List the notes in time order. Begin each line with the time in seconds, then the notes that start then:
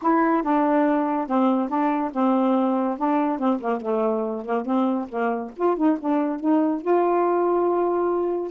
0.02 E4
0.43 D4
1.27 C4
1.68 D4
2.12 C4
2.97 D4
3.38 C4
3.60 A#3
3.81 A3
4.45 A#3
4.65 C4
5.09 A#3
5.56 F4
5.76 D#4
5.99 D4
6.39 D#4
6.81 F4